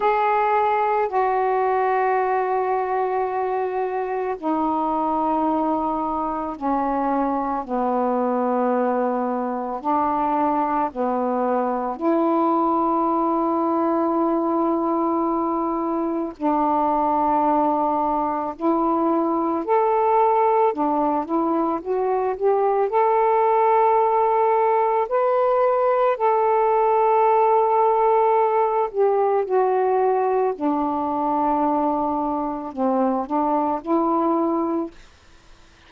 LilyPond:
\new Staff \with { instrumentName = "saxophone" } { \time 4/4 \tempo 4 = 55 gis'4 fis'2. | dis'2 cis'4 b4~ | b4 d'4 b4 e'4~ | e'2. d'4~ |
d'4 e'4 a'4 d'8 e'8 | fis'8 g'8 a'2 b'4 | a'2~ a'8 g'8 fis'4 | d'2 c'8 d'8 e'4 | }